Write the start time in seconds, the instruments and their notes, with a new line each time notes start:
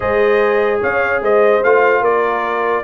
0.00 tuba G#3, trombone G#4, horn C5, trumpet D#5
0.80 tuba C#4, horn C#5, trumpet F5
1.21 tuba G#3, horn C5, trumpet D#5
1.63 tuba A3, trombone F4, trumpet F5
2.00 tuba A#3, horn A#4, trumpet D5